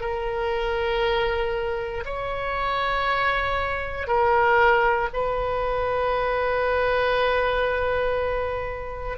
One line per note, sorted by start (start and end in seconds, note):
0.00 2.03 A#4
2.05 4.07 C#5
4.07 5.08 A#4
5.13 9.18 B4